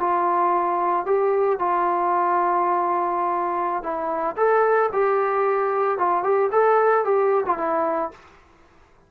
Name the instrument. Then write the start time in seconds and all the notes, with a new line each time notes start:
trombone
0.00 F4
1.06 G4
1.59 F4
3.83 E4
4.37 A4
4.93 G4
5.99 F4
6.24 G4
6.52 A4
7.05 G4
7.46 F4
7.58 E4